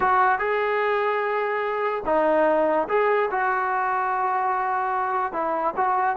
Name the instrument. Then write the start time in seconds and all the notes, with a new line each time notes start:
trombone
0.00 F#4
0.38 G#4
2.05 D#4
2.88 G#4
3.30 F#4
5.33 E4
5.76 F#4